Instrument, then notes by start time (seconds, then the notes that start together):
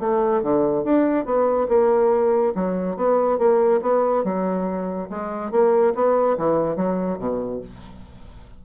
bassoon
0.00 A3
0.43 D3
0.85 D4
1.26 B3
1.69 A#3
2.55 F#3
2.97 B3
3.39 A#3
3.82 B3
4.24 F#3
5.10 G#3
5.52 A#3
5.95 B3
6.38 E3
6.76 F#3
7.19 B2